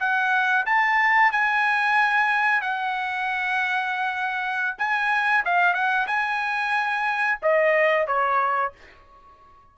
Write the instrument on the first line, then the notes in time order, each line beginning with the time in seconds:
trumpet
0.00 F#5
0.66 A5
1.32 G#5
2.62 F#5
4.78 G#5
5.45 F5
5.74 F#5
6.07 G#5
7.43 D#5
8.07 C#5